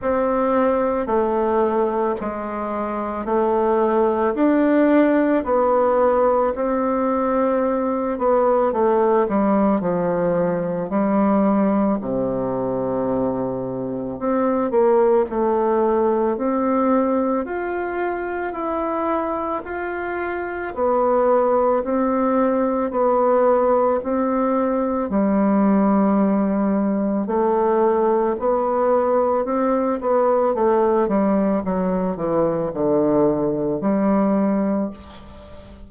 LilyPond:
\new Staff \with { instrumentName = "bassoon" } { \time 4/4 \tempo 4 = 55 c'4 a4 gis4 a4 | d'4 b4 c'4. b8 | a8 g8 f4 g4 c4~ | c4 c'8 ais8 a4 c'4 |
f'4 e'4 f'4 b4 | c'4 b4 c'4 g4~ | g4 a4 b4 c'8 b8 | a8 g8 fis8 e8 d4 g4 | }